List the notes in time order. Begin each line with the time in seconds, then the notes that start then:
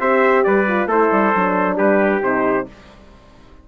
0.00 C4 G4 C5 E5
0.44 G3 B4 D5
0.68 F4
0.87 A3 E4 A4 C5
1.12 G3
1.35 F#3 D4
1.77 G3 G4 B4
2.22 C3 D#4 C5